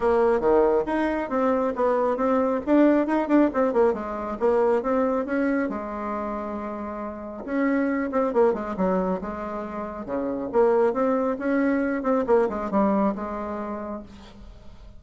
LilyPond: \new Staff \with { instrumentName = "bassoon" } { \time 4/4 \tempo 4 = 137 ais4 dis4 dis'4 c'4 | b4 c'4 d'4 dis'8 d'8 | c'8 ais8 gis4 ais4 c'4 | cis'4 gis2.~ |
gis4 cis'4. c'8 ais8 gis8 | fis4 gis2 cis4 | ais4 c'4 cis'4. c'8 | ais8 gis8 g4 gis2 | }